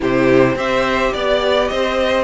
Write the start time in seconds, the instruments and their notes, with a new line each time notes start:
0.00 cello C3, viola E4, violin G4 C5
0.55 cello C4, viola G4, violin C5 E5
1.13 cello B3, violin D5
1.67 cello C4, violin C5 D#5